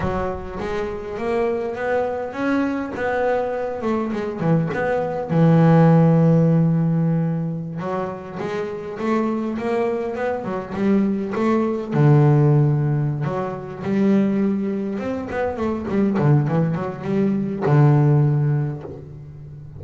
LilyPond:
\new Staff \with { instrumentName = "double bass" } { \time 4/4 \tempo 4 = 102 fis4 gis4 ais4 b4 | cis'4 b4. a8 gis8 e8 | b4 e2.~ | e4~ e16 fis4 gis4 a8.~ |
a16 ais4 b8 fis8 g4 a8.~ | a16 d2~ d16 fis4 g8~ | g4. c'8 b8 a8 g8 d8 | e8 fis8 g4 d2 | }